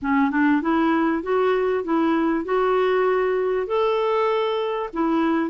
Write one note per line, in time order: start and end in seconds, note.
0.02 0.31 C#4
0.31 0.61 D4
0.61 1.22 E4
1.22 1.83 F#4
1.83 2.44 E4
2.44 3.67 F#4
3.67 4.89 A4
4.93 5.50 E4